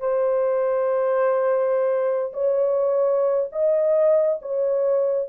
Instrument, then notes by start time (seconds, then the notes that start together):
horn
0.00 C5
2.34 C#5
3.53 D#5
4.42 C#5